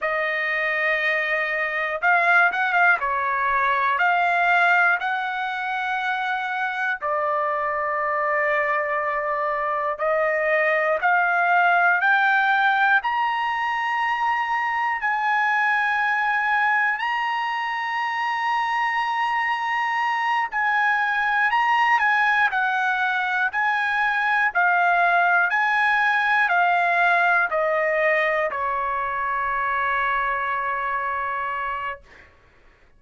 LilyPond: \new Staff \with { instrumentName = "trumpet" } { \time 4/4 \tempo 4 = 60 dis''2 f''8 fis''16 f''16 cis''4 | f''4 fis''2 d''4~ | d''2 dis''4 f''4 | g''4 ais''2 gis''4~ |
gis''4 ais''2.~ | ais''8 gis''4 ais''8 gis''8 fis''4 gis''8~ | gis''8 f''4 gis''4 f''4 dis''8~ | dis''8 cis''2.~ cis''8 | }